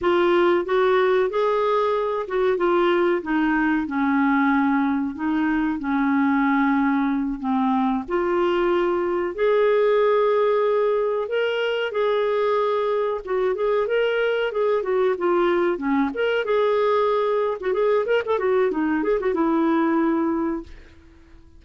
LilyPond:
\new Staff \with { instrumentName = "clarinet" } { \time 4/4 \tempo 4 = 93 f'4 fis'4 gis'4. fis'8 | f'4 dis'4 cis'2 | dis'4 cis'2~ cis'8 c'8~ | c'8 f'2 gis'4.~ |
gis'4. ais'4 gis'4.~ | gis'8 fis'8 gis'8 ais'4 gis'8 fis'8 f'8~ | f'8 cis'8 ais'8 gis'4.~ gis'16 fis'16 gis'8 | ais'16 a'16 fis'8 dis'8 gis'16 fis'16 e'2 | }